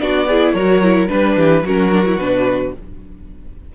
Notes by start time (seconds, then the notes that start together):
0.00 B3 D4 F#4 D5
0.28 E4 G#4
0.53 F#3 F#4 A#4 C#5
0.83 E4
1.08 G3 D4 B4
1.36 E3 G4
1.63 F#3 C#4 F#4 A#4
1.92 D4
2.06 E4
2.17 B2 D4 B4